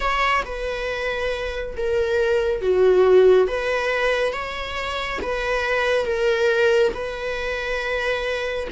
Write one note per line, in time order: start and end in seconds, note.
0.00 0.43 C#5
0.45 1.75 B4
1.76 2.61 A#4
2.61 3.47 F#4
3.47 4.32 B4
4.32 5.19 C#5
5.22 6.05 B4
6.05 6.92 A#4
6.94 8.68 B4